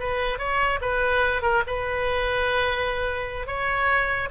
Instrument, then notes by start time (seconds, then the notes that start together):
oboe
0.00 B4
0.39 C#5
0.82 B4
1.43 A#4
1.67 B4
3.47 C#5